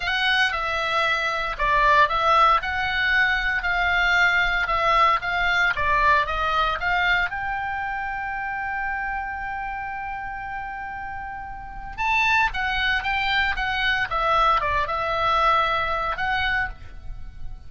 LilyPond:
\new Staff \with { instrumentName = "oboe" } { \time 4/4 \tempo 4 = 115 fis''4 e''2 d''4 | e''4 fis''2 f''4~ | f''4 e''4 f''4 d''4 | dis''4 f''4 g''2~ |
g''1~ | g''2. a''4 | fis''4 g''4 fis''4 e''4 | d''8 e''2~ e''8 fis''4 | }